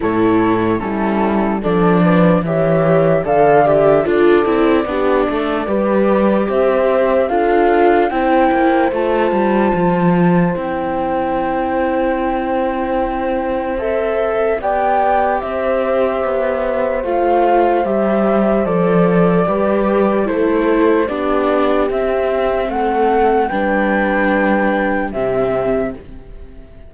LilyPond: <<
  \new Staff \with { instrumentName = "flute" } { \time 4/4 \tempo 4 = 74 cis''4 a'4 d''4 e''4 | f''8 e''8 d''2. | e''4 f''4 g''4 a''4~ | a''4 g''2.~ |
g''4 e''4 g''4 e''4~ | e''4 f''4 e''4 d''4~ | d''4 c''4 d''4 e''4 | fis''4 g''2 e''4 | }
  \new Staff \with { instrumentName = "horn" } { \time 4/4 a'4 e'4 a'8 b'8 cis''4 | d''4 a'4 g'8 a'8 b'4 | c''4 a'4 c''2~ | c''1~ |
c''2 d''4 c''4~ | c''1 | b'4 a'4 g'2 | a'4 b'2 g'4 | }
  \new Staff \with { instrumentName = "viola" } { \time 4/4 e'4 cis'4 d'4 g'4 | a'8 g'8 f'8 e'8 d'4 g'4~ | g'4 f'4 e'4 f'4~ | f'4 e'2.~ |
e'4 a'4 g'2~ | g'4 f'4 g'4 a'4 | g'4 e'4 d'4 c'4~ | c'4 d'2 c'4 | }
  \new Staff \with { instrumentName = "cello" } { \time 4/4 a,4 g4 f4 e4 | d4 d'8 c'8 b8 a8 g4 | c'4 d'4 c'8 ais8 a8 g8 | f4 c'2.~ |
c'2 b4 c'4 | b4 a4 g4 f4 | g4 a4 b4 c'4 | a4 g2 c4 | }
>>